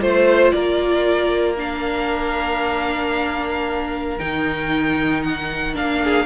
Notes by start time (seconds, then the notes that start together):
0.00 A3 F4 C5
0.51 A#3 A#4 D5
1.57 D4 F5
4.18 D#3 D#4 G5
5.23 F#5
5.74 A#3 D4 F5
6.04 G#4